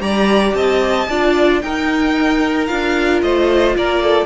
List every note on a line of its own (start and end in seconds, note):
0.00 0.54 G3
0.00 1.07 G4
0.00 0.56 D5
0.00 0.54 A#5
0.54 1.08 C4
0.54 1.09 D#5
0.54 1.62 A5
1.09 1.62 D4
1.09 1.64 F4
1.09 1.63 D5
1.62 2.70 D#4
1.62 2.68 D#4
1.62 3.24 A#4
1.62 2.67 G5
2.67 3.23 D4
2.67 4.26 F4
2.67 3.20 F5
3.22 3.76 A3
3.22 3.77 C5
3.22 3.76 D#5
3.77 4.26 A#3
3.77 4.03 A#4
3.77 4.26 D5
4.03 4.26 A4